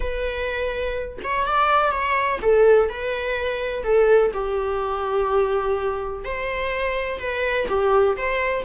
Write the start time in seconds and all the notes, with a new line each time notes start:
0.00 B4
1.23 C#5
1.46 D5
1.91 C#5
2.41 A4
2.89 B4
3.83 A4
4.33 G4
6.24 C5
7.19 B4
7.68 G4
8.16 C5